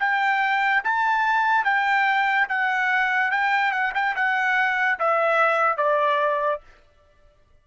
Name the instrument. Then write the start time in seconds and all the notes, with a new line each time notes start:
trumpet
0.00 G5
0.84 A5
1.65 G5
2.49 F#5
3.32 G5
3.72 F#5
3.95 G5
4.16 F#5
5.00 E5
5.78 D5